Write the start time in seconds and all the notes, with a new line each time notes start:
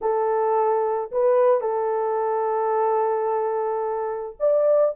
0.01 A4
1.11 B4
1.60 A4
4.39 D5